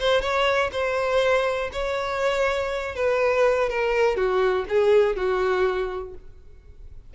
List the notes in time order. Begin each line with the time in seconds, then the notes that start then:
0.00 C5
0.21 C#5
0.72 C5
1.73 C#5
2.96 B4
3.70 A#4
4.17 F#4
4.69 G#4
5.16 F#4